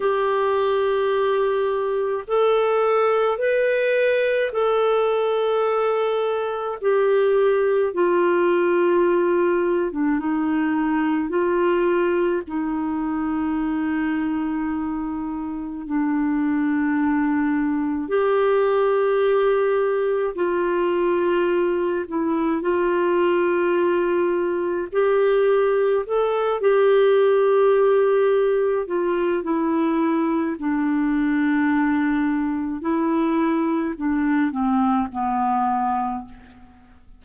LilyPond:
\new Staff \with { instrumentName = "clarinet" } { \time 4/4 \tempo 4 = 53 g'2 a'4 b'4 | a'2 g'4 f'4~ | f'8. d'16 dis'4 f'4 dis'4~ | dis'2 d'2 |
g'2 f'4. e'8 | f'2 g'4 a'8 g'8~ | g'4. f'8 e'4 d'4~ | d'4 e'4 d'8 c'8 b4 | }